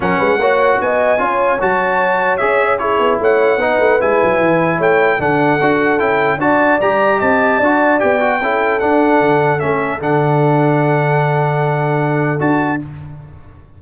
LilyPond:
<<
  \new Staff \with { instrumentName = "trumpet" } { \time 4/4 \tempo 4 = 150 fis''2 gis''2 | a''2 e''4 cis''4 | fis''2 gis''2 | g''4 fis''2 g''4 |
a''4 ais''4 a''2 | g''2 fis''2 | e''4 fis''2.~ | fis''2. a''4 | }
  \new Staff \with { instrumentName = "horn" } { \time 4/4 ais'8 b'8 cis''4 dis''4 cis''4~ | cis''2. gis'4 | cis''4 b'2. | cis''4 a'2. |
d''2 dis''4 d''4~ | d''4 a'2.~ | a'1~ | a'1 | }
  \new Staff \with { instrumentName = "trombone" } { \time 4/4 cis'4 fis'2 f'4 | fis'2 gis'4 e'4~ | e'4 dis'4 e'2~ | e'4 d'4 fis'4 e'4 |
fis'4 g'2 fis'4 | g'8 fis'8 e'4 d'2 | cis'4 d'2.~ | d'2. fis'4 | }
  \new Staff \with { instrumentName = "tuba" } { \time 4/4 fis8 gis8 ais4 b4 cis'4 | fis2 cis'4. b8 | a4 b8 a8 gis8 fis8 e4 | a4 d4 d'4 cis'4 |
d'4 g4 c'4 d'4 | b4 cis'4 d'4 d4 | a4 d2.~ | d2. d'4 | }
>>